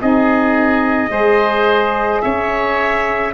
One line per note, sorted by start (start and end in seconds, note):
0.00 1.10 C4
0.00 1.09 D#4
0.00 1.11 G#4
0.00 2.22 D#5
1.09 2.21 G#3
1.09 3.31 G#4
1.09 2.22 C5
2.22 3.34 C#4
2.22 3.34 C#5
2.22 3.33 E5